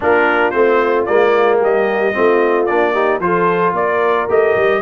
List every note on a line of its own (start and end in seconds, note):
0.00 0.53 A#3
0.00 0.53 D4
0.00 1.59 F4
0.00 0.50 A#4
0.50 1.07 A3
0.50 1.06 C4
0.50 1.04 C5
1.05 1.61 G#3
1.05 2.13 A#3
1.05 1.59 D5
1.59 2.15 G3
1.59 2.12 G4
1.59 2.65 D#5
2.13 2.70 A3
2.13 2.66 C4
2.13 2.92 F4
2.65 3.19 A#3
2.65 2.94 D4
2.65 3.19 D5
2.92 3.21 D#4
2.92 3.19 G4
3.19 3.73 F3
3.19 4.28 F4
3.19 3.74 A4
3.19 3.74 C5
3.73 4.26 A#3
3.73 4.81 A#4
3.73 4.29 D5
4.28 4.55 A3
4.28 4.82 G4
4.28 4.82 D#5
4.56 4.82 G3